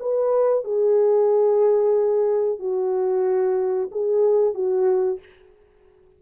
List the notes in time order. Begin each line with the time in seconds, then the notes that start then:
0.00 B4
0.64 G#4
2.59 F#4
3.91 G#4
4.54 F#4